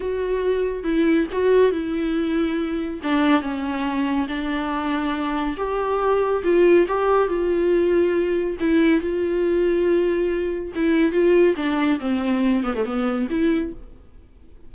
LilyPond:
\new Staff \with { instrumentName = "viola" } { \time 4/4 \tempo 4 = 140 fis'2 e'4 fis'4 | e'2. d'4 | cis'2 d'2~ | d'4 g'2 f'4 |
g'4 f'2. | e'4 f'2.~ | f'4 e'4 f'4 d'4 | c'4. b16 a16 b4 e'4 | }